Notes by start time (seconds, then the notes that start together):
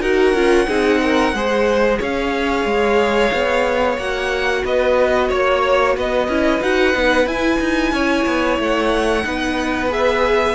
0.00 D#4 F#4 A#4 F#5
0.33 C#4 F4
0.67 C4 D#4 G#4
1.02 A#4
1.33 G#3 G#4 C5
1.98 C#4 C#5 F5
2.65 G#3
3.32 B3
3.97 A#3 F#4 F#5
4.64 B3 B4 D#5
5.28 A#3 C#5
5.96 B3 B4 D#5
6.28 C#4 E4
6.61 D#4 F#4 F#5
6.94 B3 D#4
7.26 E4 G#5
7.60 D#4
7.92 C#4 C#5
8.25 B3
8.59 A3 F#5
9.23 B3 D#4 B4
9.89 G#4 E5